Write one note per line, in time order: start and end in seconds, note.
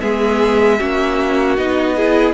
0.00 0.81 G#3
0.00 0.78 B3
0.00 0.79 G#4
0.00 1.56 E5
0.79 1.58 A#3
0.79 1.58 C#4
0.79 1.96 F#4
1.57 2.33 B3
1.57 1.97 D#4
1.57 2.33 D#5
1.96 2.33 E4
1.96 2.33 G#4